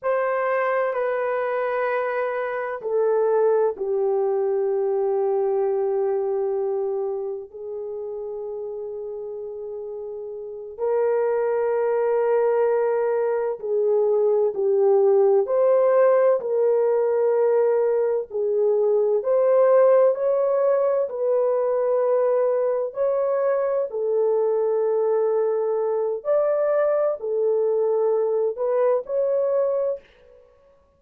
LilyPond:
\new Staff \with { instrumentName = "horn" } { \time 4/4 \tempo 4 = 64 c''4 b'2 a'4 | g'1 | gis'2.~ gis'8 ais'8~ | ais'2~ ais'8 gis'4 g'8~ |
g'8 c''4 ais'2 gis'8~ | gis'8 c''4 cis''4 b'4.~ | b'8 cis''4 a'2~ a'8 | d''4 a'4. b'8 cis''4 | }